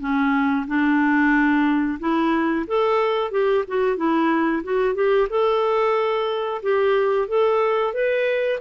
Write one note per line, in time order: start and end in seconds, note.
0.00 0.66 C#4
0.67 1.99 D4
2.00 2.66 E4
2.67 3.31 A4
3.31 3.64 G4
3.68 3.97 F#4
3.97 4.63 E4
4.63 4.95 F#4
4.95 5.28 G4
5.30 6.61 A4
6.63 7.28 G4
7.28 7.93 A4
7.93 8.59 B4